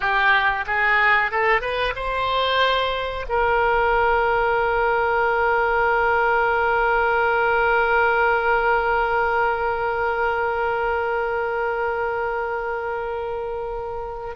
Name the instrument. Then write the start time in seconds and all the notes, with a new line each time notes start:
oboe
0.00 G4
0.66 G#4
1.31 A4
1.61 B4
1.95 C5
3.28 A#4